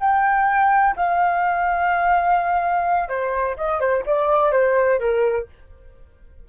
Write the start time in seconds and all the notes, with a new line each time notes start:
0.00 G5
0.96 F5
3.08 C5
3.56 D#5
3.80 C5
4.06 D5
4.52 C5
4.99 A#4